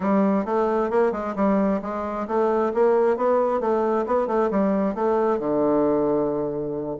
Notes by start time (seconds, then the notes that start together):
0.00 G3
0.45 A3
0.90 A#3
1.12 G#3
1.35 G3
1.82 G#3
2.27 A3
2.73 A#3
3.16 B3
3.60 A3
4.06 B3
4.27 A3
4.50 G3
4.95 A3
5.39 D3